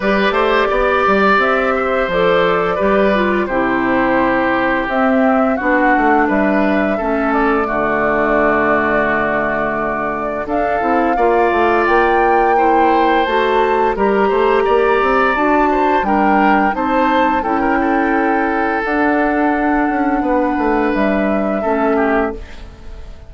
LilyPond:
<<
  \new Staff \with { instrumentName = "flute" } { \time 4/4 \tempo 4 = 86 d''2 e''4 d''4~ | d''4 c''2 e''4 | fis''4 e''4. d''4.~ | d''2. f''4~ |
f''4 g''2 a''4 | ais''2 a''4 g''4 | a''4 g''2 fis''4~ | fis''2 e''2 | }
  \new Staff \with { instrumentName = "oboe" } { \time 4/4 b'8 c''8 d''4. c''4. | b'4 g'2. | fis'4 b'4 a'4 fis'4~ | fis'2. a'4 |
d''2 c''2 | ais'8 c''8 d''4. c''8 ais'4 | c''4 a'16 ais'16 a'2~ a'8~ | a'4 b'2 a'8 g'8 | }
  \new Staff \with { instrumentName = "clarinet" } { \time 4/4 g'2. a'4 | g'8 f'8 e'2 c'4 | d'2 cis'4 a4~ | a2. d'8 e'8 |
f'2 e'4 fis'4 | g'2 fis'4 d'4 | dis'4 e'2 d'4~ | d'2. cis'4 | }
  \new Staff \with { instrumentName = "bassoon" } { \time 4/4 g8 a8 b8 g8 c'4 f4 | g4 c2 c'4 | b8 a8 g4 a4 d4~ | d2. d'8 c'8 |
ais8 a8 ais2 a4 | g8 a8 ais8 c'8 d'4 g4 | c'4 cis'2 d'4~ | d'8 cis'8 b8 a8 g4 a4 | }
>>